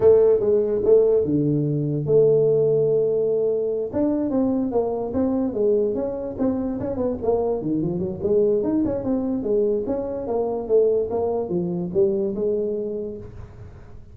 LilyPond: \new Staff \with { instrumentName = "tuba" } { \time 4/4 \tempo 4 = 146 a4 gis4 a4 d4~ | d4 a2.~ | a4. d'4 c'4 ais8~ | ais8 c'4 gis4 cis'4 c'8~ |
c'8 cis'8 b8 ais4 dis8 f8 fis8 | gis4 dis'8 cis'8 c'4 gis4 | cis'4 ais4 a4 ais4 | f4 g4 gis2 | }